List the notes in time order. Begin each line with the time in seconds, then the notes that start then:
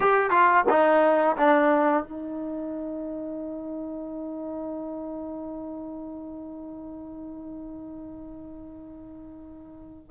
0.00 G4
0.30 F4
0.69 D#4
1.37 D4
2.03 D#4